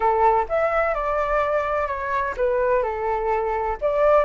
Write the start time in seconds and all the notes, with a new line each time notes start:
0.00 A4
0.48 E5
0.94 D5
1.87 C#5
2.36 B4
2.82 A4
3.81 D5